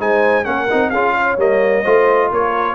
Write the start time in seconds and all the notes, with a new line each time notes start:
0.00 G#3 D#4 C5 G#5
0.45 A#3 C#4 A#4 F#5
0.71 C4 D#4
0.90 C#4 F4 G#4 F5
1.15 C#5
1.38 G3 A#3 D#5
1.83 A3 F4 C5
2.32 A#3 A#4 C#5